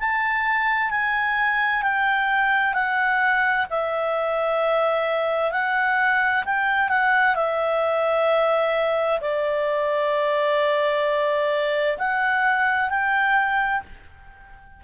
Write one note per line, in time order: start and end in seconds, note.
0.00 0.91 A5
0.91 1.83 G#5
1.83 2.74 G5
2.74 3.66 F#5
3.70 5.52 E5
5.52 6.44 F#5
6.45 6.89 G5
6.89 7.36 F#5
7.36 9.20 E5
9.21 11.98 D5
11.98 12.90 F#5
12.90 13.82 G5